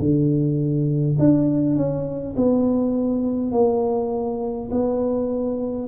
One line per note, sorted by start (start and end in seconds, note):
0.00 1.18 D3
1.19 1.76 D4
1.76 2.35 C#4
2.37 3.52 B3
3.52 4.70 A#3
4.72 5.89 B3